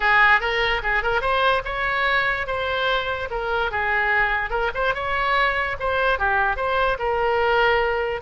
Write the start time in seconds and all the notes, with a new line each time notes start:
0.00 G#4
0.40 A#4
0.82 G#4
1.03 A#4
1.21 C5
1.64 C#5
2.46 C5
3.30 A#4
3.71 G#4
4.50 A#4
4.74 C5
4.94 C#5
5.79 C5
6.18 G4
6.56 C5
6.98 A#4